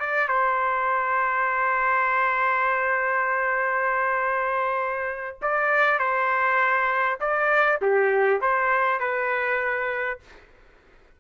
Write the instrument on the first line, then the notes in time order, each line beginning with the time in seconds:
trumpet
0.00 D5
0.28 C5
5.42 D5
5.99 C5
7.21 D5
7.82 G4
8.41 C5
9.00 B4